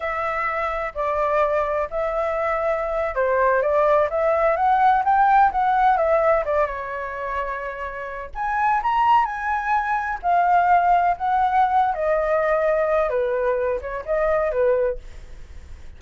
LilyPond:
\new Staff \with { instrumentName = "flute" } { \time 4/4 \tempo 4 = 128 e''2 d''2 | e''2~ e''8. c''4 d''16~ | d''8. e''4 fis''4 g''4 fis''16~ | fis''8. e''4 d''8 cis''4.~ cis''16~ |
cis''4.~ cis''16 gis''4 ais''4 gis''16~ | gis''4.~ gis''16 f''2 fis''16~ | fis''4. dis''2~ dis''8 | b'4. cis''8 dis''4 b'4 | }